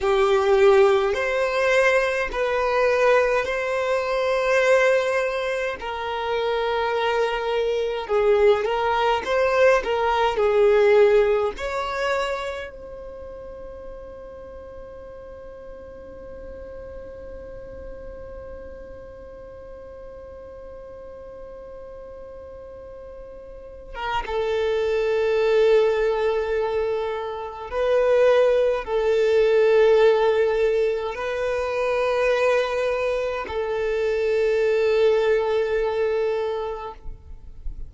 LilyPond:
\new Staff \with { instrumentName = "violin" } { \time 4/4 \tempo 4 = 52 g'4 c''4 b'4 c''4~ | c''4 ais'2 gis'8 ais'8 | c''8 ais'8 gis'4 cis''4 c''4~ | c''1~ |
c''1~ | c''8. ais'16 a'2. | b'4 a'2 b'4~ | b'4 a'2. | }